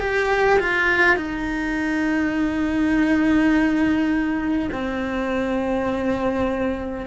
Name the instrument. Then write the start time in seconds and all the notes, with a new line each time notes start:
cello
0.00 G4
0.59 F4
1.17 D#4
4.72 C4